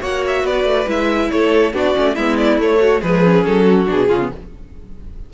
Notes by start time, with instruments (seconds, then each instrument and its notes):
0.00 cello A#3, viola F#4, violin C#5 F#5
0.27 violin E5
0.43 cello B3, violin B4 D5
0.64 cello A3
0.87 cello G#3, viola E4, violin E5
1.30 cello A3, violin A4 C#5
1.73 cello B3, viola D4, violin F#4 D5
1.94 cello A3, viola C#4
2.15 cello G#3, viola B3, violin E4 E5
2.37 violin D5
2.57 cello A3, viola A3, violin C#5
2.80 violin F#4
3.00 cello F3, viola G#3, violin G#4 B4
3.23 viola C#4
3.44 cello F#3, violin A4
3.66 violin F#4
3.86 cello B2, viola D4, violin G#4
4.08 cello C#3, viola C#4, violin F4
4.20 viola B3